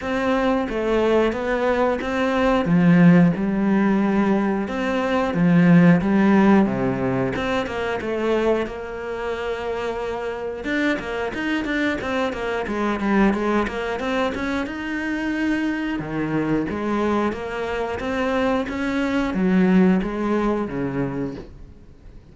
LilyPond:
\new Staff \with { instrumentName = "cello" } { \time 4/4 \tempo 4 = 90 c'4 a4 b4 c'4 | f4 g2 c'4 | f4 g4 c4 c'8 ais8 | a4 ais2. |
d'8 ais8 dis'8 d'8 c'8 ais8 gis8 g8 | gis8 ais8 c'8 cis'8 dis'2 | dis4 gis4 ais4 c'4 | cis'4 fis4 gis4 cis4 | }